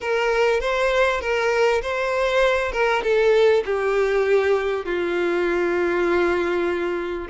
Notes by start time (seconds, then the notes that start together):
0.01 A#4
0.60 C5
1.20 A#4
1.82 C5
2.72 A#4
3.03 A4
3.65 G4
4.85 F4